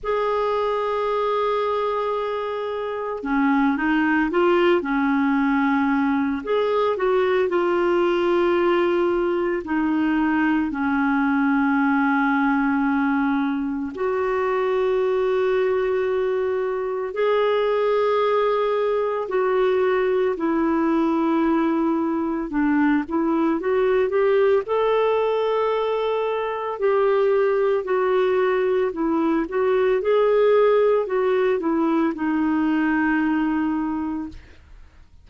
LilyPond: \new Staff \with { instrumentName = "clarinet" } { \time 4/4 \tempo 4 = 56 gis'2. cis'8 dis'8 | f'8 cis'4. gis'8 fis'8 f'4~ | f'4 dis'4 cis'2~ | cis'4 fis'2. |
gis'2 fis'4 e'4~ | e'4 d'8 e'8 fis'8 g'8 a'4~ | a'4 g'4 fis'4 e'8 fis'8 | gis'4 fis'8 e'8 dis'2 | }